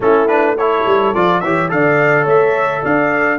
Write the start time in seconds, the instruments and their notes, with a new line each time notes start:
0.00 tuba A3, trombone C#4, horn E4, trumpet A4
0.27 trombone D4, trumpet B4
0.57 trombone E4, horn A4, trumpet C#5
0.86 tuba G3
1.14 tuba F3, trombone F4, trumpet D5
1.40 tuba E3, trombone G4, horn C#5, trumpet E5
1.68 tuba D3, trombone A4, horn D5, trumpet F5
2.23 tuba A3, horn C#5, trumpet E5
2.82 tuba D4, horn D5, trumpet F5